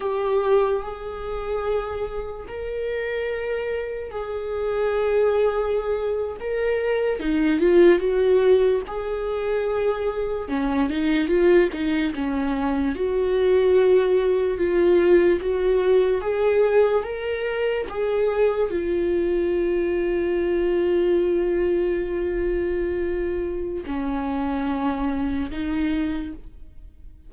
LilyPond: \new Staff \with { instrumentName = "viola" } { \time 4/4 \tempo 4 = 73 g'4 gis'2 ais'4~ | ais'4 gis'2~ gis'8. ais'16~ | ais'8. dis'8 f'8 fis'4 gis'4~ gis'16~ | gis'8. cis'8 dis'8 f'8 dis'8 cis'4 fis'16~ |
fis'4.~ fis'16 f'4 fis'4 gis'16~ | gis'8. ais'4 gis'4 f'4~ f'16~ | f'1~ | f'4 cis'2 dis'4 | }